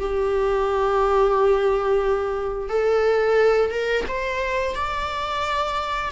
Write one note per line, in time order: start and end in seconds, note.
0.00 2.70 G4
2.70 3.71 A4
3.71 4.05 A#4
4.08 4.76 C5
4.76 6.12 D5